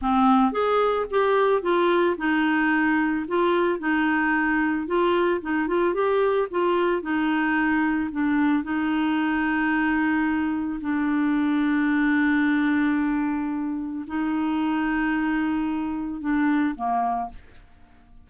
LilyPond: \new Staff \with { instrumentName = "clarinet" } { \time 4/4 \tempo 4 = 111 c'4 gis'4 g'4 f'4 | dis'2 f'4 dis'4~ | dis'4 f'4 dis'8 f'8 g'4 | f'4 dis'2 d'4 |
dis'1 | d'1~ | d'2 dis'2~ | dis'2 d'4 ais4 | }